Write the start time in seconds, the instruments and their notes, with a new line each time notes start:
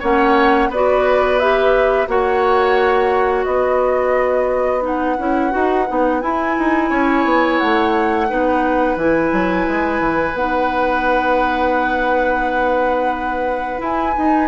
0.00 bassoon A#3, clarinet C#4, oboe C#5, flute F#5
0.69 bassoon B3, clarinet F#4, oboe B4, flute D5
1.39 clarinet G4, flute E5
2.08 bassoon A#3, clarinet F#4, oboe C#5, flute F#5
3.44 bassoon B3, oboe B4, flute D#5
4.82 clarinet D#4, flute F#5
5.19 bassoon C#4, clarinet E4
5.51 bassoon D#4, clarinet F#4
5.88 bassoon B3, clarinet D#4
6.21 clarinet E4, bassoon E4, flute G#5
6.59 bassoon D#4
6.89 bassoon C#4, oboe C#5
7.25 bassoon B3
7.58 bassoon A3, flute F#5
8.28 bassoon B3, clarinet D#4, oboe B4
8.96 bassoon E3, clarinet E4, flute G#5
9.33 bassoon F#3
9.67 bassoon G#3
10.00 bassoon E3
10.34 bassoon B3, clarinet D#4, flute F#5
13.78 clarinet E4, bassoon E4, flute G#5
14.16 clarinet D#4, bassoon D#4